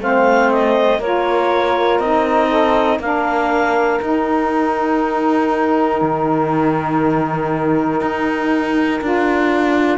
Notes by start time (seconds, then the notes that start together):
0.00 A3 C4 C5 F5
0.52 D#5
0.99 A#3 F4 A#4 C#5
1.99 C4 D#4 D#5
2.48 A4
3.00 A#3 D4 A#4 F5
4.00 D#4 G5
6.02 D#3
8.01 D#4
9.01 D4 F4